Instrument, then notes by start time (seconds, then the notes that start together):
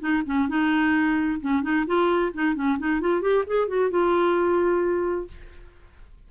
clarinet
0.00 D#4
0.26 C#4
0.49 D#4
1.41 C#4
1.63 D#4
1.87 F4
2.34 D#4
2.55 C#4
2.79 D#4
3.01 F4
3.21 G4
3.47 G#4
3.68 F#4
3.91 F4